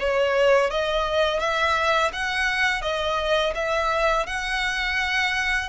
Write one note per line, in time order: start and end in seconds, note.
0.00 0.71 C#5
0.71 1.40 D#5
1.40 2.12 E5
2.13 2.82 F#5
2.82 3.54 D#5
3.55 4.27 E5
4.27 5.69 F#5